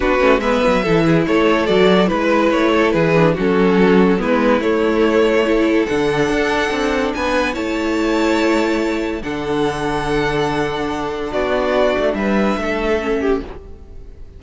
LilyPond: <<
  \new Staff \with { instrumentName = "violin" } { \time 4/4 \tempo 4 = 143 b'4 e''2 cis''4 | d''4 b'4 cis''4 b'4 | a'2 b'4 cis''4~ | cis''2 fis''2~ |
fis''4 gis''4 a''2~ | a''2 fis''2~ | fis''2. d''4~ | d''4 e''2. | }
  \new Staff \with { instrumentName = "violin" } { \time 4/4 fis'4 b'4 a'8 gis'8 a'4~ | a'4 b'4. a'8 gis'4 | fis'2 e'2~ | e'4 a'2.~ |
a'4 b'4 cis''2~ | cis''2 a'2~ | a'2. fis'4~ | fis'4 b'4 a'4. g'8 | }
  \new Staff \with { instrumentName = "viola" } { \time 4/4 d'8 cis'8 b4 e'2 | fis'4 e'2~ e'8 d'8 | cis'2 b4 a4~ | a4 e'4 d'2~ |
d'2 e'2~ | e'2 d'2~ | d'1~ | d'2. cis'4 | }
  \new Staff \with { instrumentName = "cello" } { \time 4/4 b8 a8 gis8 fis8 e4 a4 | fis4 gis4 a4 e4 | fis2 gis4 a4~ | a2 d4 d'4 |
c'4 b4 a2~ | a2 d2~ | d2. b4~ | b8 a8 g4 a2 | }
>>